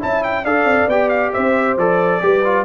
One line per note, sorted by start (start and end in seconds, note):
0.00 0.45 C#4
0.00 0.44 E4
0.00 0.45 E5
0.00 0.24 A5
0.24 0.45 G5
0.45 0.65 D4
0.45 0.90 A4
0.45 1.33 D5
0.45 0.89 F5
0.65 0.87 C4
0.87 1.32 B3
0.87 1.79 G4
0.87 1.09 G5
1.09 1.31 F5
1.33 1.77 C4
1.33 2.21 C5
1.33 1.77 E5
1.77 2.21 F3
1.77 2.21 A4
1.77 2.66 D5
2.21 2.66 G3
2.21 2.43 G4
2.21 2.66 B4
2.44 2.66 F4